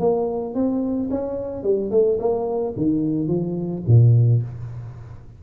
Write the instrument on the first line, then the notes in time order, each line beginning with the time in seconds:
tuba
0.00 A#3
0.55 C4
1.11 C#4
1.64 G3
1.91 A3
2.20 A#3
2.77 D#3
3.28 F3
3.88 A#2